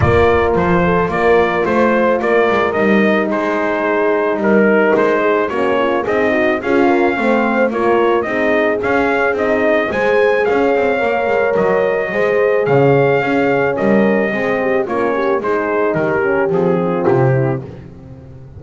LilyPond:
<<
  \new Staff \with { instrumentName = "trumpet" } { \time 4/4 \tempo 4 = 109 d''4 c''4 d''4 c''4 | d''4 dis''4 c''2 | ais'4 c''4 cis''4 dis''4 | f''2 cis''4 dis''4 |
f''4 dis''4 gis''4 f''4~ | f''4 dis''2 f''4~ | f''4 dis''2 cis''4 | c''4 ais'4 gis'4 g'4 | }
  \new Staff \with { instrumentName = "horn" } { \time 4/4 ais'4. a'8 ais'4 c''4 | ais'2 gis'2 | ais'4. gis'8 fis'8 f'8 dis'4 | gis'8 ais'8 c''4 ais'4 gis'4~ |
gis'2 c''4 cis''4~ | cis''2 c''4 cis''4 | gis'4 ais'4 gis'8 g'8 f'8 g'8 | gis'4 g'4. f'4 e'8 | }
  \new Staff \with { instrumentName = "horn" } { \time 4/4 f'1~ | f'4 dis'2.~ | dis'2 cis'4 gis'8 fis'8 | f'4 c'4 f'4 dis'4 |
cis'4 dis'4 gis'2 | ais'2 gis'2 | cis'2 c'4 cis'4 | dis'4. cis'8 c'2 | }
  \new Staff \with { instrumentName = "double bass" } { \time 4/4 ais4 f4 ais4 a4 | ais8 gis8 g4 gis2 | g4 gis4 ais4 c'4 | cis'4 a4 ais4 c'4 |
cis'4 c'4 gis4 cis'8 c'8 | ais8 gis8 fis4 gis4 cis4 | cis'4 g4 gis4 ais4 | gis4 dis4 f4 c4 | }
>>